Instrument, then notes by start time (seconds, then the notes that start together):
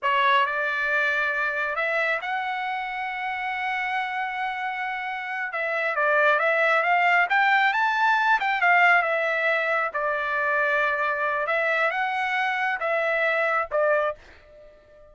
trumpet
0.02 C#5
0.46 D5
1.75 E5
2.21 F#5
5.52 E5
5.95 D5
6.39 E5
6.82 F5
7.29 G5
7.73 A5
8.40 G5
8.61 F5
9.02 E5
9.93 D5
11.46 E5
11.90 F#5
12.80 E5
13.71 D5